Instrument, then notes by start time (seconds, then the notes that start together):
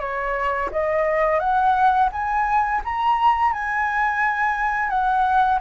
flute
0.00 C#5
0.72 D#5
1.40 F#5
2.12 G#5
2.84 A#5
3.53 G#5
4.90 F#5